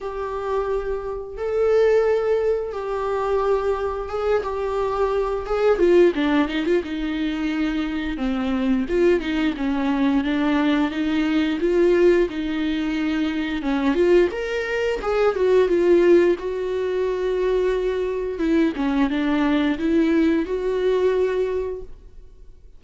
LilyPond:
\new Staff \with { instrumentName = "viola" } { \time 4/4 \tempo 4 = 88 g'2 a'2 | g'2 gis'8 g'4. | gis'8 f'8 d'8 dis'16 f'16 dis'2 | c'4 f'8 dis'8 cis'4 d'4 |
dis'4 f'4 dis'2 | cis'8 f'8 ais'4 gis'8 fis'8 f'4 | fis'2. e'8 cis'8 | d'4 e'4 fis'2 | }